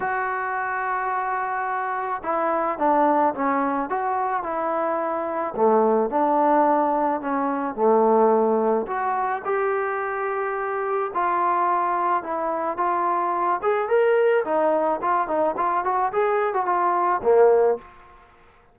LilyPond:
\new Staff \with { instrumentName = "trombone" } { \time 4/4 \tempo 4 = 108 fis'1 | e'4 d'4 cis'4 fis'4 | e'2 a4 d'4~ | d'4 cis'4 a2 |
fis'4 g'2. | f'2 e'4 f'4~ | f'8 gis'8 ais'4 dis'4 f'8 dis'8 | f'8 fis'8 gis'8. fis'16 f'4 ais4 | }